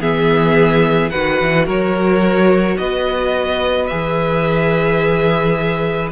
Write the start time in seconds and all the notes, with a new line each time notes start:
0.00 E3 B3 G#4 E5
1.10 D#3 F#4 B4 F#5
1.41 E3
1.66 F#3 A#4 C#5
2.78 B3 B4 D#5
3.87 E3 G#4 E5